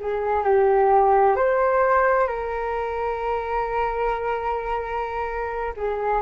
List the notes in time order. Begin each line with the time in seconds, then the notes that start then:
0.00 G#4
0.44 G4
1.36 C5
2.28 A#4
5.77 G#4